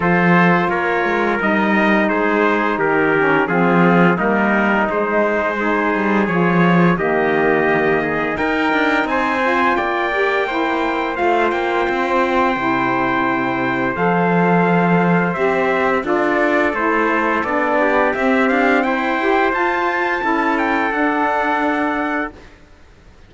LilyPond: <<
  \new Staff \with { instrumentName = "trumpet" } { \time 4/4 \tempo 4 = 86 c''4 cis''4 dis''4 c''4 | ais'4 gis'4 ais'4 c''4~ | c''4 cis''4 dis''2 | g''4 gis''4 g''2 |
f''8 g''2.~ g''8 | f''2 e''4 d''4 | c''4 d''4 e''8 f''8 g''4 | a''4. g''8 fis''2 | }
  \new Staff \with { instrumentName = "trumpet" } { \time 4/4 a'4 ais'2 gis'4 | g'4 f'4 dis'2 | gis'2 g'4. gis'8 | ais'4 c''4 d''4 c''4~ |
c''1~ | c''2. a'4~ | a'4. g'4. c''4~ | c''4 a'2. | }
  \new Staff \with { instrumentName = "saxophone" } { \time 4/4 f'2 dis'2~ | dis'8 cis'8 c'4 ais4 gis4 | dis'4 f'4 ais2 | dis'4. f'4 g'8 e'4 |
f'2 e'2 | a'2 g'4 f'4 | e'4 d'4 c'4. g'8 | f'4 e'4 d'2 | }
  \new Staff \with { instrumentName = "cello" } { \time 4/4 f4 ais8 gis8 g4 gis4 | dis4 f4 g4 gis4~ | gis8 g8 f4 dis2 | dis'8 d'8 c'4 ais2 |
a8 ais8 c'4 c2 | f2 c'4 d'4 | a4 b4 c'8 d'8 e'4 | f'4 cis'4 d'2 | }
>>